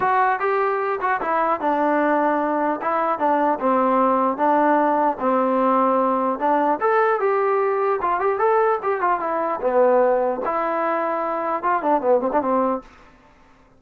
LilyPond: \new Staff \with { instrumentName = "trombone" } { \time 4/4 \tempo 4 = 150 fis'4 g'4. fis'8 e'4 | d'2. e'4 | d'4 c'2 d'4~ | d'4 c'2. |
d'4 a'4 g'2 | f'8 g'8 a'4 g'8 f'8 e'4 | b2 e'2~ | e'4 f'8 d'8 b8 c'16 d'16 c'4 | }